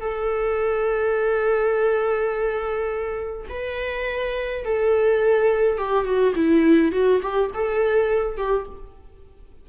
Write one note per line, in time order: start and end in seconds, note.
0.00 3.46 A4
3.49 4.64 B4
4.64 5.78 A4
5.78 6.04 G4
6.04 6.33 F#4
6.35 6.92 E4
6.92 7.20 F#4
7.21 7.50 G4
7.53 8.37 A4
8.37 8.66 G4